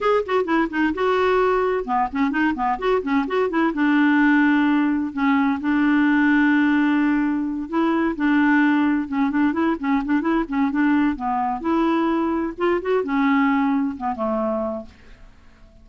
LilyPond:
\new Staff \with { instrumentName = "clarinet" } { \time 4/4 \tempo 4 = 129 gis'8 fis'8 e'8 dis'8 fis'2 | b8 cis'8 dis'8 b8 fis'8 cis'8 fis'8 e'8 | d'2. cis'4 | d'1~ |
d'8 e'4 d'2 cis'8 | d'8 e'8 cis'8 d'8 e'8 cis'8 d'4 | b4 e'2 f'8 fis'8 | cis'2 b8 a4. | }